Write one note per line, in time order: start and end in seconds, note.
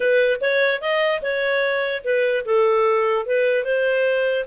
0.00 0.40 B4
0.40 0.81 C#5
0.81 1.21 D#5
1.22 2.03 C#5
2.04 2.44 B4
2.45 3.26 A4
3.26 3.64 B4
3.64 4.45 C5